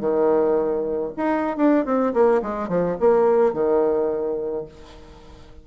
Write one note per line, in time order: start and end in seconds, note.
0.00 1.12 D#3
1.17 1.57 D#4
1.57 1.85 D4
1.85 2.13 C4
2.14 2.42 A#3
2.42 2.69 G#3
2.69 2.97 F3
3.00 3.53 A#3
3.53 4.65 D#3